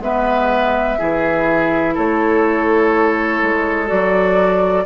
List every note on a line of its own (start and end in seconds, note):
0.00 0.97 G#3
0.00 0.99 B3
0.00 0.99 B4
0.00 1.97 E5
0.99 1.98 E3
0.99 3.88 E4
0.99 1.95 G#4
1.95 3.43 A3
1.95 4.85 A4
1.95 3.89 C#5
3.43 3.91 G#3
3.88 4.86 F#3
3.88 4.84 F#4
3.88 4.85 D5